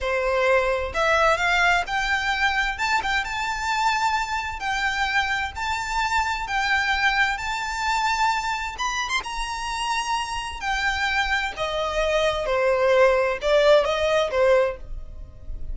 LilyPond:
\new Staff \with { instrumentName = "violin" } { \time 4/4 \tempo 4 = 130 c''2 e''4 f''4 | g''2 a''8 g''8 a''4~ | a''2 g''2 | a''2 g''2 |
a''2. b''8. c'''16 | ais''2. g''4~ | g''4 dis''2 c''4~ | c''4 d''4 dis''4 c''4 | }